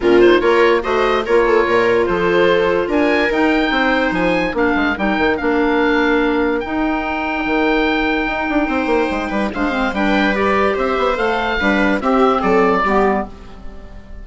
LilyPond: <<
  \new Staff \with { instrumentName = "oboe" } { \time 4/4 \tempo 4 = 145 ais'8 c''8 cis''4 dis''4 cis''4~ | cis''4 c''2 gis''4 | g''2 gis''4 f''4 | g''4 f''2. |
g''1~ | g''2. f''4 | g''4 d''4 e''4 f''4~ | f''4 e''4 d''2 | }
  \new Staff \with { instrumentName = "viola" } { \time 4/4 f'4 ais'4 c''4 ais'8 a'8 | ais'4 a'2 ais'4~ | ais'4 c''2 ais'4~ | ais'1~ |
ais'1~ | ais'4 c''4. b'8 c''4 | b'2 c''2 | b'4 g'4 a'4 g'4 | }
  \new Staff \with { instrumentName = "clarinet" } { \time 4/4 cis'8 dis'8 f'4 fis'4 f'4~ | f'1 | dis'2. d'4 | dis'4 d'2. |
dis'1~ | dis'2. d'8 c'8 | d'4 g'2 a'4 | d'4 c'2 b4 | }
  \new Staff \with { instrumentName = "bassoon" } { \time 4/4 ais,4 ais4 a4 ais4 | ais,4 f2 d'4 | dis'4 c'4 f4 ais8 gis8 | g8 dis8 ais2. |
dis'2 dis2 | dis'8 d'8 c'8 ais8 gis8 g8 gis4 | g2 c'8 b8 a4 | g4 c'4 fis4 g4 | }
>>